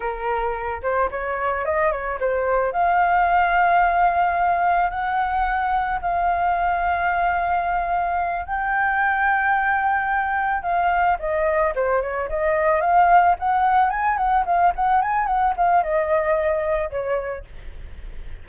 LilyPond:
\new Staff \with { instrumentName = "flute" } { \time 4/4 \tempo 4 = 110 ais'4. c''8 cis''4 dis''8 cis''8 | c''4 f''2.~ | f''4 fis''2 f''4~ | f''2.~ f''8 g''8~ |
g''2.~ g''8 f''8~ | f''8 dis''4 c''8 cis''8 dis''4 f''8~ | f''8 fis''4 gis''8 fis''8 f''8 fis''8 gis''8 | fis''8 f''8 dis''2 cis''4 | }